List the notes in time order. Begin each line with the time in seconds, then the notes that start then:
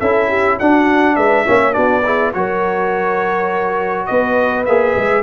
0.00 C#4 E4 A4 E5
0.29 G4
0.58 D4 F#4 F#5
1.16 G#3 B4 E5
1.46 A#3 C#4 C#5
1.73 B3 D4 F#4 D5
2.05 E4 G#4
2.34 F#3 F#4 A#4 C#5
4.06 B3 B4 D#5
4.66 A#3 G#4 E5
4.97 G#3